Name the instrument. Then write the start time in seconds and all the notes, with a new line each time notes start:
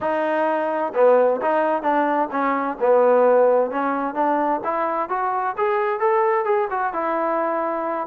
trombone
0.00 D#4
0.94 B3
1.41 D#4
1.82 D4
2.31 C#4
2.80 B3
3.70 C#4
4.14 D4
4.64 E4
5.09 F#4
5.57 G#4
5.99 A4
6.44 G#4
6.70 F#4
6.93 E4